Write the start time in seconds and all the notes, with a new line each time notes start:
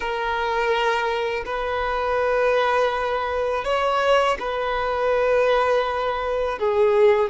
0.00 A#4
1.45 B4
3.64 C#5
4.39 B4
6.59 G#4